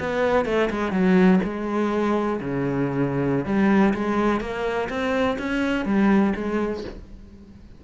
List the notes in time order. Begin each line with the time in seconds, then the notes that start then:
0.00 B3
0.46 A3
0.71 G#3
0.92 F#3
1.44 G#3
2.41 C#3
3.46 G3
3.94 G#3
4.41 A#3
4.90 C4
5.39 C#4
5.86 G3
6.36 G#3